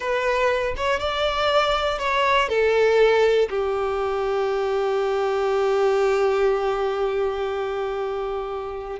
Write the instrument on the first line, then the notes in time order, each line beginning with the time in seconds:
violin
0.00 B4
0.77 C#5
0.99 D5
1.98 C#5
2.49 A4
3.49 G4